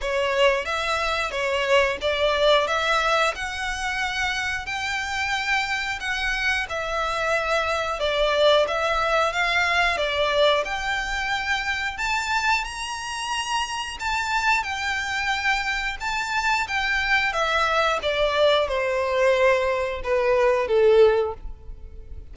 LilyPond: \new Staff \with { instrumentName = "violin" } { \time 4/4 \tempo 4 = 90 cis''4 e''4 cis''4 d''4 | e''4 fis''2 g''4~ | g''4 fis''4 e''2 | d''4 e''4 f''4 d''4 |
g''2 a''4 ais''4~ | ais''4 a''4 g''2 | a''4 g''4 e''4 d''4 | c''2 b'4 a'4 | }